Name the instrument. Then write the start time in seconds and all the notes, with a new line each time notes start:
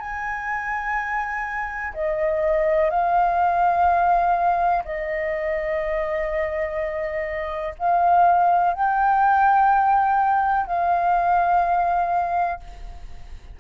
flute
0.00 G#5
1.94 D#5
2.90 F5
4.85 D#5
7.79 F5
8.74 G5
10.67 F5